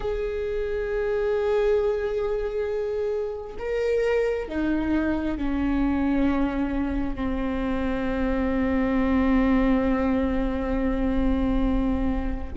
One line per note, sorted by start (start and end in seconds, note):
0.00 3.56 G#4
3.58 4.48 A#4
4.48 5.37 D#4
5.37 7.15 C#4
7.15 12.53 C4